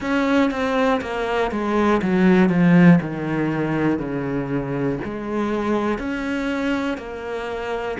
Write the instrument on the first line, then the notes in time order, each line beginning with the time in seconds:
cello
0.00 C#4
0.50 C4
1.01 A#3
1.50 G#3
2.02 F#3
2.49 F3
3.01 D#3
3.98 C#3
5.04 G#3
5.98 C#4
6.97 A#3